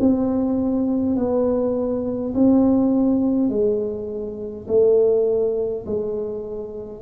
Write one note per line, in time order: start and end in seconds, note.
0.00 1.17 C4
1.17 2.34 B3
2.35 3.50 C4
3.50 4.67 G#3
4.68 5.86 A3
5.87 7.03 G#3